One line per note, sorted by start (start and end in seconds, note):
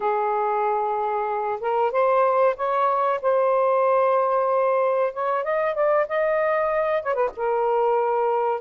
0.00 1.60 G#4
1.60 1.91 A#4
1.91 2.55 C5
2.56 3.20 C#5
3.21 5.13 C5
5.13 5.43 C#5
5.43 5.74 D#5
5.74 6.06 D5
6.08 7.02 D#5
7.02 7.13 C#5
7.13 7.29 B4
7.36 8.61 A#4